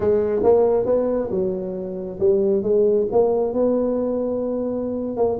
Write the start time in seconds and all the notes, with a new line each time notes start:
0.00 G#3
0.43 A#3
0.85 B3
1.30 F#3
2.19 G3
2.62 G#3
3.11 A#3
3.53 B3
5.16 A#3